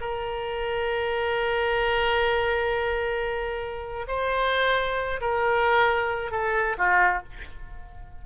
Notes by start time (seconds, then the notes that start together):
0.00 A#4
4.07 C5
5.21 A#4
6.31 A4
6.78 F4